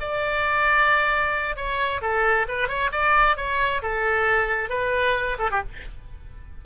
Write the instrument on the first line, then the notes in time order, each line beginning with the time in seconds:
oboe
0.00 D5
1.56 C#5
2.01 A4
2.48 B4
2.68 C#5
2.92 D5
3.36 C#5
3.82 A4
4.69 B4
5.39 A4
5.51 G4